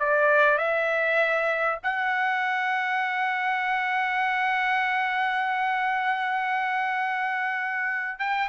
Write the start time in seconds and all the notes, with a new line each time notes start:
0.00 D5
0.58 E5
1.83 F#5
8.19 G5